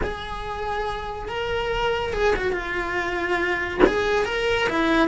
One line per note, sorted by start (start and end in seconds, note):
0.03 1.28 G#4
1.28 2.13 A#4
2.13 2.34 G#4
2.35 2.52 F#4
2.52 3.80 F4
3.86 4.25 G#4
4.25 4.68 A#4
4.69 5.08 E4